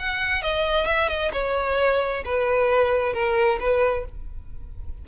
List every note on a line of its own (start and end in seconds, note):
0.00 0.43 F#5
0.43 0.86 D#5
0.86 1.09 E5
1.09 1.32 D#5
1.33 2.24 C#5
2.26 3.14 B4
3.14 3.60 A#4
3.60 4.06 B4